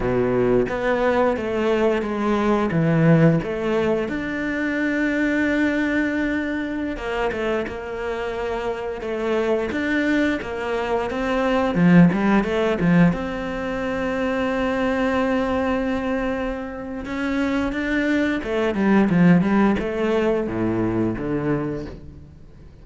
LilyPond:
\new Staff \with { instrumentName = "cello" } { \time 4/4 \tempo 4 = 88 b,4 b4 a4 gis4 | e4 a4 d'2~ | d'2~ d'16 ais8 a8 ais8.~ | ais4~ ais16 a4 d'4 ais8.~ |
ais16 c'4 f8 g8 a8 f8 c'8.~ | c'1~ | c'4 cis'4 d'4 a8 g8 | f8 g8 a4 a,4 d4 | }